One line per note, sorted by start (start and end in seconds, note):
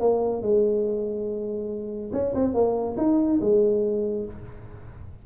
0.00 0.42 A#3
0.42 2.11 G#3
2.13 2.34 C#4
2.35 2.54 C4
2.54 2.96 A#3
2.97 3.40 D#4
3.41 4.26 G#3